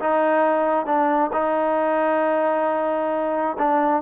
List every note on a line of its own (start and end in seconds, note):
0.00 0.86 D#4
0.86 1.31 D4
1.33 3.57 D#4
3.58 4.02 D4